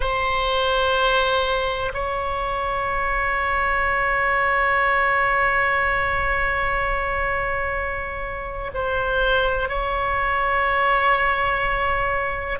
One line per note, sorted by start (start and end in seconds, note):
0.00 1.92 C5
1.94 8.71 C#5
8.74 9.68 C5
9.68 12.59 C#5